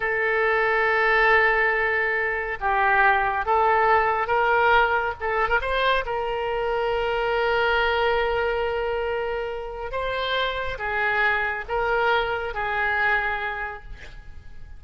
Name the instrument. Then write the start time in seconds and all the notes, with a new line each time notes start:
oboe
0.00 A4
2.60 G4
3.45 A4
4.27 A#4
5.20 A4
5.49 A#4
5.61 C5
6.05 A#4
9.91 C5
10.78 G#4
11.68 A#4
12.54 G#4